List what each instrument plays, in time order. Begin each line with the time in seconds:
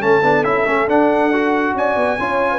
0.00 tuba A3, trombone C#4, horn A4, trumpet A5
0.22 tuba B3, trombone D4
0.43 tuba C#4, trombone E4, trumpet E5
0.66 tuba A3, trombone C#4
0.87 tuba D4, trombone D4, trumpet F#5
1.32 trombone F#4
1.74 tuba C#4, horn D5, trumpet G#5
1.96 tuba B3
2.18 tuba C#4, trombone F4, horn C#5
2.51 horn B4